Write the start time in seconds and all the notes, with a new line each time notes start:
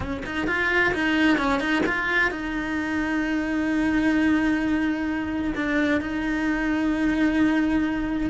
0.00 C#4
0.25 D#4
0.47 F4
0.94 D#4
1.37 C#4
1.59 D#4
1.85 F4
2.30 D#4
5.55 D4
6.01 D#4